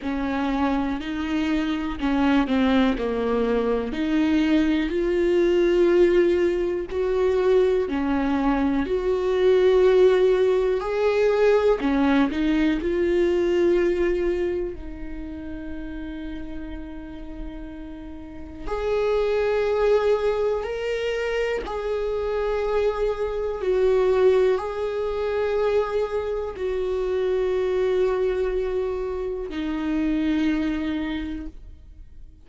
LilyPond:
\new Staff \with { instrumentName = "viola" } { \time 4/4 \tempo 4 = 61 cis'4 dis'4 cis'8 c'8 ais4 | dis'4 f'2 fis'4 | cis'4 fis'2 gis'4 | cis'8 dis'8 f'2 dis'4~ |
dis'2. gis'4~ | gis'4 ais'4 gis'2 | fis'4 gis'2 fis'4~ | fis'2 dis'2 | }